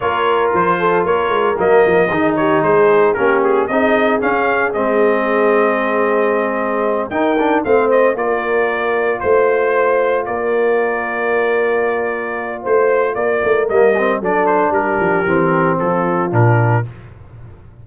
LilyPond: <<
  \new Staff \with { instrumentName = "trumpet" } { \time 4/4 \tempo 4 = 114 cis''4 c''4 cis''4 dis''4~ | dis''8 cis''8 c''4 ais'8 gis'8 dis''4 | f''4 dis''2.~ | dis''4. g''4 f''8 dis''8 d''8~ |
d''4. c''2 d''8~ | d''1 | c''4 d''4 dis''4 d''8 c''8 | ais'2 a'4 ais'4 | }
  \new Staff \with { instrumentName = "horn" } { \time 4/4 ais'4. a'8 ais'2 | gis'8 g'8 gis'4 g'4 gis'4~ | gis'1~ | gis'4. ais'4 c''4 ais'8~ |
ais'4. c''2 ais'8~ | ais'1 | c''4 ais'2 a'4 | g'2 f'2 | }
  \new Staff \with { instrumentName = "trombone" } { \time 4/4 f'2. ais4 | dis'2 cis'4 dis'4 | cis'4 c'2.~ | c'4. dis'8 d'8 c'4 f'8~ |
f'1~ | f'1~ | f'2 ais8 c'8 d'4~ | d'4 c'2 d'4 | }
  \new Staff \with { instrumentName = "tuba" } { \time 4/4 ais4 f4 ais8 gis8 fis8 f8 | dis4 gis4 ais4 c'4 | cis'4 gis2.~ | gis4. dis'4 a4 ais8~ |
ais4. a2 ais8~ | ais1 | a4 ais8 a8 g4 fis4 | g8 f8 e4 f4 ais,4 | }
>>